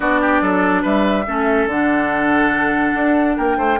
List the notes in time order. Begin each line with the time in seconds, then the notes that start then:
0.00 B3 D4 F#4 D5
0.21 G4
0.41 F#3 A4
0.82 G3 B4 E5
1.27 A3 C#4 A4
1.66 D3 D4 F#5
2.94 D4
3.37 A#3 A#4 G5
3.57 A3 C5